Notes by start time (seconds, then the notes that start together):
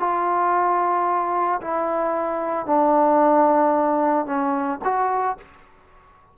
0.00 F4
1.61 E4
2.66 D4
4.26 C#4
4.84 F#4